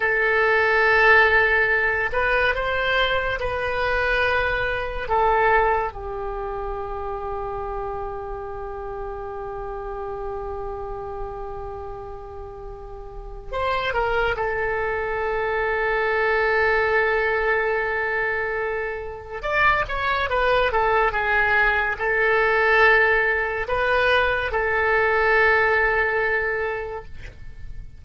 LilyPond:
\new Staff \with { instrumentName = "oboe" } { \time 4/4 \tempo 4 = 71 a'2~ a'8 b'8 c''4 | b'2 a'4 g'4~ | g'1~ | g'1 |
c''8 ais'8 a'2.~ | a'2. d''8 cis''8 | b'8 a'8 gis'4 a'2 | b'4 a'2. | }